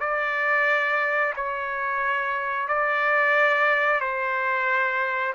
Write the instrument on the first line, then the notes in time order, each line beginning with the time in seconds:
trumpet
0.00 D5
1.36 C#5
2.68 D5
4.00 C5